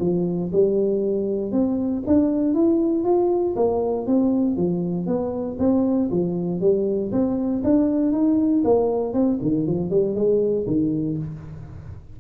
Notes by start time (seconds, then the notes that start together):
0.00 F3
0.52 G3
1.52 C4
2.06 D4
2.54 E4
3.04 F4
3.56 A#3
4.07 C4
4.56 F3
5.06 B3
5.59 C4
6.11 F3
6.61 G3
7.12 C4
7.64 D4
8.12 D#4
8.64 A#3
9.13 C4
9.42 D#3
9.67 F3
9.90 G3
10.15 G#3
10.67 D#3